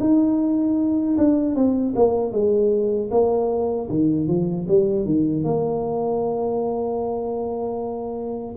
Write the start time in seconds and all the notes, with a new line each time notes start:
0.00 D#4
1.18 D4
1.55 C4
1.96 A#3
2.32 G#3
3.11 A#3
3.90 D#3
4.28 F3
4.68 G3
5.05 D#3
5.44 A#3